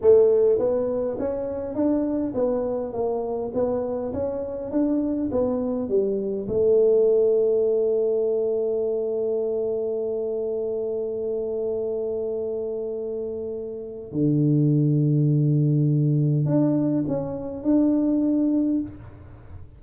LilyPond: \new Staff \with { instrumentName = "tuba" } { \time 4/4 \tempo 4 = 102 a4 b4 cis'4 d'4 | b4 ais4 b4 cis'4 | d'4 b4 g4 a4~ | a1~ |
a1~ | a1 | d1 | d'4 cis'4 d'2 | }